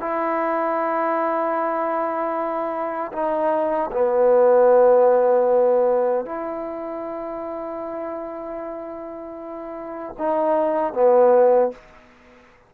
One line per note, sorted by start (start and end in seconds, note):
0.00 3.11 E4
3.12 3.90 D#4
3.91 6.25 B3
6.25 10.15 E4
10.18 10.93 D#4
10.93 11.71 B3